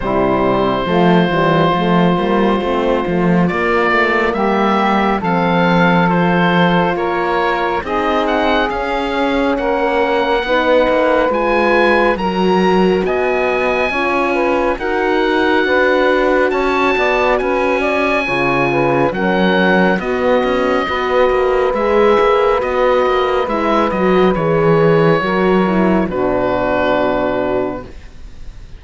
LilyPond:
<<
  \new Staff \with { instrumentName = "oboe" } { \time 4/4 \tempo 4 = 69 c''1 | d''4 e''4 f''4 c''4 | cis''4 dis''8 fis''8 f''4 fis''4~ | fis''4 gis''4 ais''4 gis''4~ |
gis''4 fis''2 a''4 | gis''2 fis''4 dis''4~ | dis''4 e''4 dis''4 e''8 dis''8 | cis''2 b'2 | }
  \new Staff \with { instrumentName = "saxophone" } { \time 4/4 e'4 f'2.~ | f'4 g'4 a'2 | ais'4 gis'2 ais'4 | b'2 ais'4 dis''4 |
cis''8 b'8 ais'4 b'4 cis''8 d''8 | b'8 d''8 cis''8 b'8 ais'4 fis'4 | b'1~ | b'4 ais'4 fis'2 | }
  \new Staff \with { instrumentName = "horn" } { \time 4/4 g4 a8 g8 a8 ais8 c'8 a8 | ais2 c'4 f'4~ | f'4 dis'4 cis'2 | dis'4 f'4 fis'2 |
f'4 fis'2.~ | fis'4 f'4 cis'4 b4 | fis'4 gis'4 fis'4 e'8 fis'8 | gis'4 fis'8 e'8 d'2 | }
  \new Staff \with { instrumentName = "cello" } { \time 4/4 c4 f8 e8 f8 g8 a8 f8 | ais8 a8 g4 f2 | ais4 c'4 cis'4 ais4 | b8 ais8 gis4 fis4 b4 |
cis'4 dis'4 d'4 cis'8 b8 | cis'4 cis4 fis4 b8 cis'8 | b8 ais8 gis8 ais8 b8 ais8 gis8 fis8 | e4 fis4 b,2 | }
>>